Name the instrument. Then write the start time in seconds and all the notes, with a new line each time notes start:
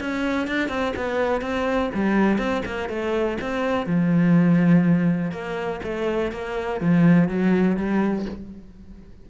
cello
0.00 C#4
0.47 D4
0.69 C4
0.96 B3
1.41 C4
1.94 G3
2.38 C4
2.66 A#3
2.89 A3
3.41 C4
3.86 F3
5.31 A#3
5.83 A3
6.32 A#3
6.81 F3
7.28 F#3
7.76 G3